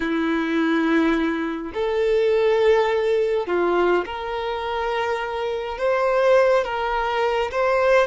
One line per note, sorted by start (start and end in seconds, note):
0.00 1.72 E4
1.74 3.46 A4
3.46 4.04 F4
4.05 5.78 A#4
5.78 6.64 C5
6.64 7.51 A#4
7.51 8.07 C5